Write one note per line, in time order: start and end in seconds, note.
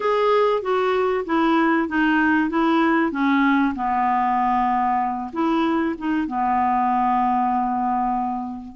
0.00 0.62 G#4
0.62 1.24 F#4
1.25 1.88 E4
1.88 2.49 D#4
2.49 3.11 E4
3.11 3.74 C#4
3.75 5.31 B3
5.32 5.95 E4
5.98 6.27 D#4
6.27 8.75 B3